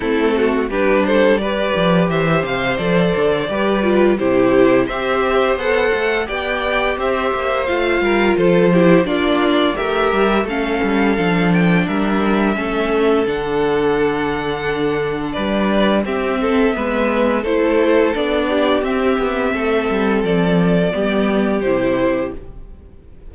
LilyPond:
<<
  \new Staff \with { instrumentName = "violin" } { \time 4/4 \tempo 4 = 86 a'4 b'8 c''8 d''4 e''8 f''8 | d''2 c''4 e''4 | fis''4 g''4 e''4 f''4 | c''4 d''4 e''4 f''4~ |
f''8 g''8 e''2 fis''4~ | fis''2 d''4 e''4~ | e''4 c''4 d''4 e''4~ | e''4 d''2 c''4 | }
  \new Staff \with { instrumentName = "violin" } { \time 4/4 e'8 fis'8 g'8 a'8 b'4 c''4~ | c''4 b'4 g'4 c''4~ | c''4 d''4 c''4. ais'8 | a'8 g'8 f'4 ais'4 a'4~ |
a'4 ais'4 a'2~ | a'2 b'4 g'8 a'8 | b'4 a'4. g'4. | a'2 g'2 | }
  \new Staff \with { instrumentName = "viola" } { \time 4/4 c'4 d'4 g'2 | a'4 g'8 f'8 e'4 g'4 | a'4 g'2 f'4~ | f'8 e'8 d'4 g'4 cis'4 |
d'2 cis'4 d'4~ | d'2. c'4 | b4 e'4 d'4 c'4~ | c'2 b4 e'4 | }
  \new Staff \with { instrumentName = "cello" } { \time 4/4 a4 g4. f8 e8 c8 | f8 d8 g4 c4 c'4 | b8 a8 b4 c'8 ais8 a8 g8 | f4 ais4 a8 g8 a8 g8 |
f4 g4 a4 d4~ | d2 g4 c'4 | gis4 a4 b4 c'8 b8 | a8 g8 f4 g4 c4 | }
>>